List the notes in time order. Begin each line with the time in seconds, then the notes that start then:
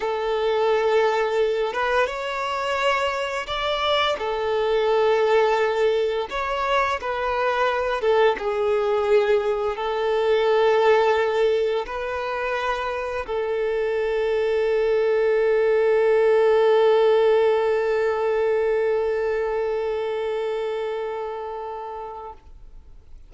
0.00 A4
1.73 B4
2.06 C#5
3.46 D5
4.19 A4
6.30 C#5
7.00 B4
8.01 A4
8.38 G#4
9.76 A4
11.86 B4
13.26 A4